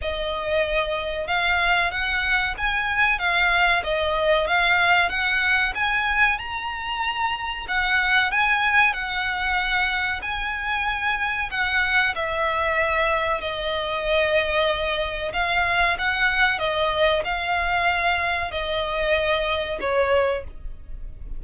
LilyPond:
\new Staff \with { instrumentName = "violin" } { \time 4/4 \tempo 4 = 94 dis''2 f''4 fis''4 | gis''4 f''4 dis''4 f''4 | fis''4 gis''4 ais''2 | fis''4 gis''4 fis''2 |
gis''2 fis''4 e''4~ | e''4 dis''2. | f''4 fis''4 dis''4 f''4~ | f''4 dis''2 cis''4 | }